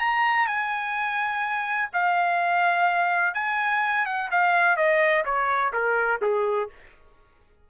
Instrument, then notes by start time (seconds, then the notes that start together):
trumpet
0.00 A#5
0.47 G#5
1.94 F5
3.35 G#5
4.06 F#5
4.32 F5
4.77 D#5
5.25 C#5
5.74 A#4
6.22 G#4